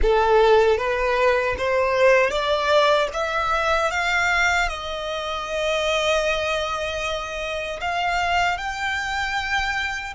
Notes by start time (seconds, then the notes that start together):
0.01 A4
0.77 B4
1.58 C5
2.30 D5
3.13 E5
3.91 F5
4.68 D#5
7.81 F5
8.57 G5